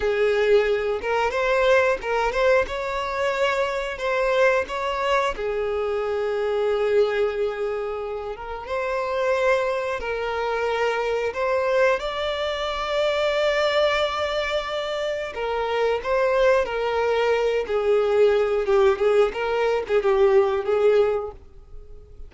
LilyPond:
\new Staff \with { instrumentName = "violin" } { \time 4/4 \tempo 4 = 90 gis'4. ais'8 c''4 ais'8 c''8 | cis''2 c''4 cis''4 | gis'1~ | gis'8 ais'8 c''2 ais'4~ |
ais'4 c''4 d''2~ | d''2. ais'4 | c''4 ais'4. gis'4. | g'8 gis'8 ais'8. gis'16 g'4 gis'4 | }